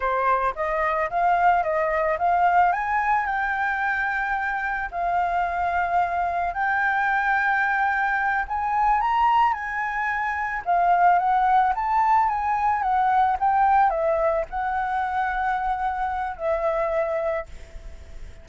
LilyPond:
\new Staff \with { instrumentName = "flute" } { \time 4/4 \tempo 4 = 110 c''4 dis''4 f''4 dis''4 | f''4 gis''4 g''2~ | g''4 f''2. | g''2.~ g''8 gis''8~ |
gis''8 ais''4 gis''2 f''8~ | f''8 fis''4 a''4 gis''4 fis''8~ | fis''8 g''4 e''4 fis''4.~ | fis''2 e''2 | }